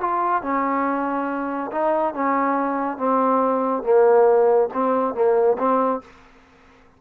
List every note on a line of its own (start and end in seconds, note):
0.00 0.42 F4
0.42 1.70 C#4
1.71 2.14 D#4
2.14 2.97 C#4
2.97 3.83 C4
3.83 4.69 A#3
4.73 5.14 C4
5.14 5.57 A#3
5.58 6.01 C4